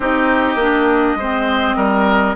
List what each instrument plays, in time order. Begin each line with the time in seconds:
0.00 bassoon C4, clarinet D#4, oboe G4, flute D#5
0.55 bassoon A#3, clarinet D4
1.15 bassoon G#3, clarinet C4, oboe C5
1.76 bassoon G3, oboe A#4